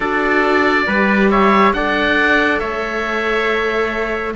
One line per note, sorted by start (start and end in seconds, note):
0.00 0.86 D4
0.00 0.87 F#4
0.00 0.85 A4
0.00 1.30 D5
0.86 1.73 G3
0.86 1.75 G4
0.86 1.30 B4
1.30 1.74 C#5
1.30 1.73 E5
1.73 2.60 D4
1.73 4.35 A4
1.73 2.60 D5
1.73 2.59 F#5
2.59 4.34 A3
2.59 4.34 C#5
2.59 4.33 E5